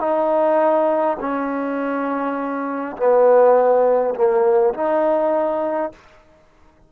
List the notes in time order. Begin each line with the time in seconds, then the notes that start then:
0.00 D#4
1.20 C#4
2.97 B3
4.15 A#3
4.74 D#4